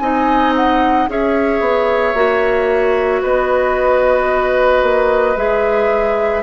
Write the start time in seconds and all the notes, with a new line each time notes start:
0.00 C4 D#4 D#5 G#5
0.56 F#5
1.09 C#4 G#4 C#5 E5
1.60 B3
2.15 A#3 F#4
3.22 B3 B4 D#5
4.83 A#3
5.37 G#3 G#4 E5